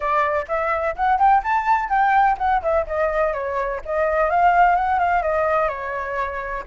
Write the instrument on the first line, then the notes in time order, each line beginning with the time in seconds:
flute
0.00 D5
0.48 E5
0.96 F#5
1.18 G5
1.43 A5
1.89 G5
2.38 F#5
2.62 E5
2.86 D#5
3.33 C#5
3.85 D#5
4.29 F5
4.75 F#5
4.99 F5
5.22 D#5
5.68 C#5